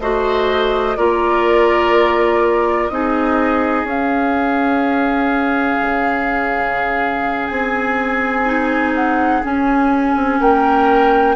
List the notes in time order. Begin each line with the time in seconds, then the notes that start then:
0.00 A3 F#4 C5 D#5
0.97 A#3 F4 A#4 D5
2.88 C4 D#4 G#4 D#5
3.83 C#4 F5
5.81 C#3
7.48 C4 G#5
8.46 D#4
8.95 F#5
9.43 C#4 G#5
10.15 C4
10.40 A#3 A#4 G5